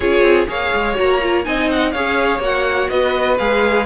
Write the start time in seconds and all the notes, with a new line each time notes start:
0.00 C#4 F4 G#4 C#5
0.22 C4
0.47 A#3 G#4 C#5 F5
0.74 G#3
0.94 A#3 F#4 A#5
1.21 F4
1.44 C4 D#4 D#5 G#5
1.71 F#5
1.91 C#4 G#4 C#5 F5
2.39 A#3 F#4 F#5
2.89 B3 B4 D#5
3.37 G#3 G#4 F5